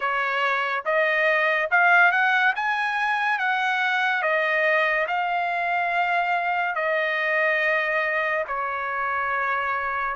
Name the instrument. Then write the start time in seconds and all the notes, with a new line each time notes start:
trumpet
0.00 C#5
0.85 D#5
1.71 F5
2.11 F#5
2.55 G#5
3.38 F#5
4.22 D#5
5.07 F5
6.75 D#5
8.47 C#5